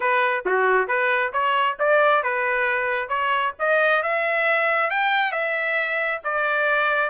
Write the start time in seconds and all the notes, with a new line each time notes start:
0.00 B4
0.45 F#4
0.87 B4
1.33 C#5
1.79 D5
2.23 B4
3.08 C#5
3.59 D#5
4.02 E5
4.90 G5
5.32 E5
6.23 D5